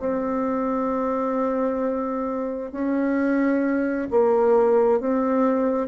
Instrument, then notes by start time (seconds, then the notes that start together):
bassoon
0.00 C4
2.72 C#4
4.11 A#3
5.00 C4